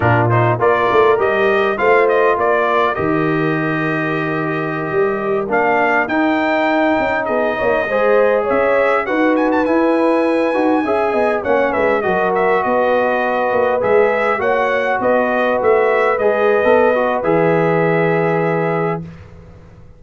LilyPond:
<<
  \new Staff \with { instrumentName = "trumpet" } { \time 4/4 \tempo 4 = 101 ais'8 c''8 d''4 dis''4 f''8 dis''8 | d''4 dis''2.~ | dis''4~ dis''16 f''4 g''4.~ g''16~ | g''16 dis''2 e''4 fis''8 gis''16 |
a''16 gis''2. fis''8 e''16~ | e''16 dis''8 e''8 dis''2 e''8.~ | e''16 fis''4 dis''4 e''4 dis''8.~ | dis''4 e''2. | }
  \new Staff \with { instrumentName = "horn" } { \time 4/4 f'4 ais'2 c''4 | ais'1~ | ais'1~ | ais'16 gis'8 cis''8 c''4 cis''4 b'8.~ |
b'2~ b'16 e''8 dis''8 cis''8 b'16~ | b'16 ais'4 b'2~ b'8.~ | b'16 cis''4 b'2~ b'8.~ | b'1 | }
  \new Staff \with { instrumentName = "trombone" } { \time 4/4 d'8 dis'8 f'4 g'4 f'4~ | f'4 g'2.~ | g'4~ g'16 d'4 dis'4.~ dis'16~ | dis'4~ dis'16 gis'2 fis'8.~ |
fis'16 e'4. fis'8 gis'4 cis'8.~ | cis'16 fis'2. gis'8.~ | gis'16 fis'2. gis'8. | a'8 fis'8 gis'2. | }
  \new Staff \with { instrumentName = "tuba" } { \time 4/4 ais,4 ais8 a8 g4 a4 | ais4 dis2.~ | dis16 g4 ais4 dis'4. cis'16~ | cis'16 b8 ais8 gis4 cis'4 dis'8.~ |
dis'16 e'4. dis'8 cis'8 b8 ais8 gis16~ | gis16 fis4 b4. ais8 gis8.~ | gis16 ais4 b4 a4 gis8. | b4 e2. | }
>>